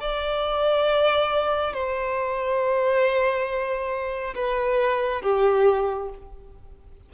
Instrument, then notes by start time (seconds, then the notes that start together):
violin
0.00 D5
1.73 C5
4.35 B4
5.22 G4